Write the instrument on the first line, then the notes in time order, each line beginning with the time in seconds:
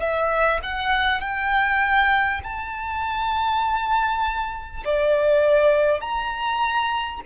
violin
0.00 E5
0.62 F#5
1.21 G5
2.43 A5
4.85 D5
6.01 A#5